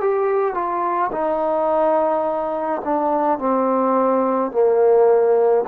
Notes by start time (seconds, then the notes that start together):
0.00 G4
0.54 F4
1.12 D#4
2.84 D4
3.38 C4
4.51 A#3